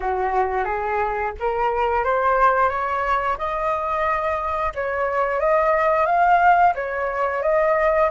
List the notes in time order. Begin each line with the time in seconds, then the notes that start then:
0.00 F#4
0.64 G#4
1.39 A#4
2.03 C5
2.69 C#5
3.38 D#5
4.74 C#5
5.40 D#5
6.06 F5
6.74 C#5
7.42 D#5